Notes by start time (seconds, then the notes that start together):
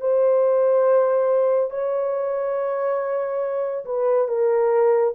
0.00 C5
1.70 C#5
3.85 B4
4.28 A#4